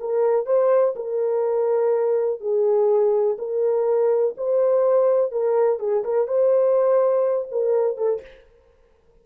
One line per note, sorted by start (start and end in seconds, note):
0.00 0.46 A#4
0.46 0.95 C5
0.96 2.41 A#4
2.41 3.37 G#4
3.39 4.35 A#4
4.37 5.32 C5
5.32 5.80 A#4
5.80 6.04 G#4
6.04 6.28 A#4
6.28 7.49 C5
7.52 7.97 A#4
7.97 8.21 A4